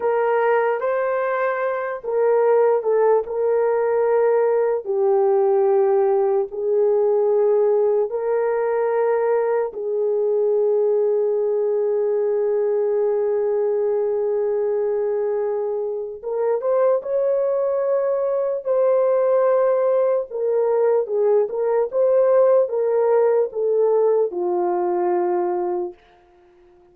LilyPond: \new Staff \with { instrumentName = "horn" } { \time 4/4 \tempo 4 = 74 ais'4 c''4. ais'4 a'8 | ais'2 g'2 | gis'2 ais'2 | gis'1~ |
gis'1 | ais'8 c''8 cis''2 c''4~ | c''4 ais'4 gis'8 ais'8 c''4 | ais'4 a'4 f'2 | }